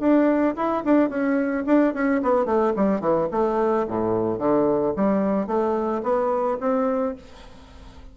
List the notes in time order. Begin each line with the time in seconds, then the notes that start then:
0.00 D4
0.56 E4
0.85 D4
1.10 C#4
1.67 D4
1.94 C#4
2.23 B3
2.46 A3
2.76 G3
3.01 E3
3.32 A3
3.88 A2
4.39 D3
4.96 G3
5.47 A3
6.03 B3
6.61 C4